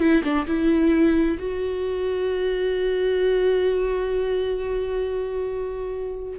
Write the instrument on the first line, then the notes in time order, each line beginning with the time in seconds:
viola
0.00 E4
0.24 D4
0.47 E4
1.39 F#4